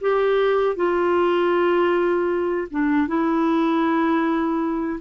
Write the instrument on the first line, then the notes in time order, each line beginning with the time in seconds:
clarinet
0.00 G4
0.75 F4
2.70 D4
3.07 E4